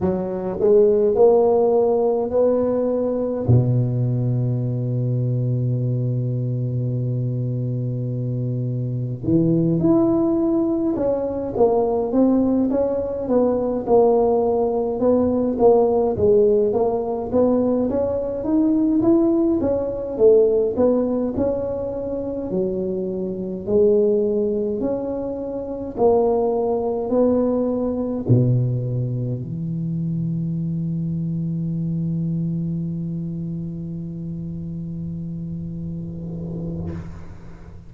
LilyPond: \new Staff \with { instrumentName = "tuba" } { \time 4/4 \tempo 4 = 52 fis8 gis8 ais4 b4 b,4~ | b,1 | e8 e'4 cis'8 ais8 c'8 cis'8 b8 | ais4 b8 ais8 gis8 ais8 b8 cis'8 |
dis'8 e'8 cis'8 a8 b8 cis'4 fis8~ | fis8 gis4 cis'4 ais4 b8~ | b8 b,4 e2~ e8~ | e1 | }